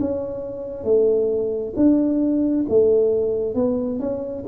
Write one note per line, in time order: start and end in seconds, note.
0.00 0.84 C#4
0.84 1.74 A3
1.76 2.66 D4
2.69 3.55 A3
3.55 4.00 B3
4.00 4.45 C#4